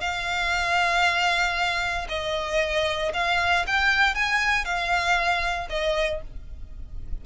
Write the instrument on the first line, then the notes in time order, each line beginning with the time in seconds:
violin
0.00 F5
2.08 D#5
3.13 F5
3.66 G5
4.14 G#5
4.64 F5
5.69 D#5